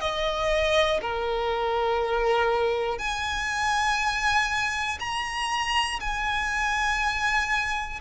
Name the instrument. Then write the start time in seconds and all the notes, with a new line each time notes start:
violin
0.00 D#5
1.00 A#4
2.98 G#5
4.99 A#5
6.00 G#5